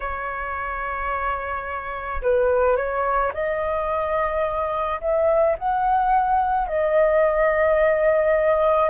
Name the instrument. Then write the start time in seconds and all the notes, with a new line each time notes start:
flute
0.00 C#5
2.22 B4
2.76 C#5
3.33 D#5
5.01 E5
5.58 F#5
6.67 D#5